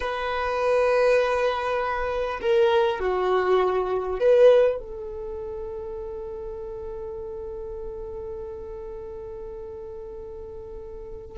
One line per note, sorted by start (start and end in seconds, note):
0.00 2.39 B4
2.41 2.99 A#4
2.99 4.19 F#4
4.19 4.79 B4
4.79 11.37 A4